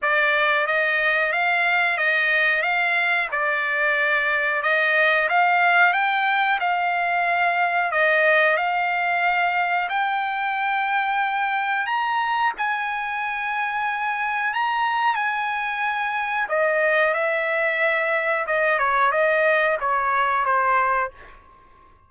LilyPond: \new Staff \with { instrumentName = "trumpet" } { \time 4/4 \tempo 4 = 91 d''4 dis''4 f''4 dis''4 | f''4 d''2 dis''4 | f''4 g''4 f''2 | dis''4 f''2 g''4~ |
g''2 ais''4 gis''4~ | gis''2 ais''4 gis''4~ | gis''4 dis''4 e''2 | dis''8 cis''8 dis''4 cis''4 c''4 | }